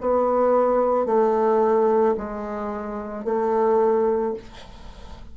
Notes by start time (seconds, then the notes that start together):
0.00 B3
1.06 A3
2.17 G#3
3.24 A3